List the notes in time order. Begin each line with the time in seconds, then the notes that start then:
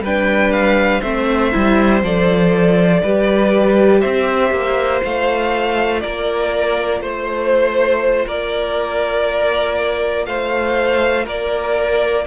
0.00 G3 D4 B4 G5
0.52 F5
1.01 A3 C4 C5 E5
1.51 G3 E4
2.02 F3 A4 D5
3.03 G3 G4 B4
4.00 C4 C5 E5
4.51 A#3
5.02 A3 F4 F5
6.00 A#3 A#4 D5
7.00 A3 C5
8.26 A#3 A#4 D5
10.26 A3 C5 F5
11.25 A#3 A#4 D5